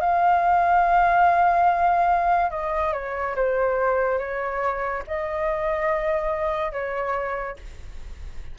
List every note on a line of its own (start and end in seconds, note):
0.00 2.50 F5
2.50 2.92 D#5
2.92 3.35 C#5
3.35 4.18 C5
4.18 5.02 C#5
5.07 6.71 D#5
6.71 7.56 C#5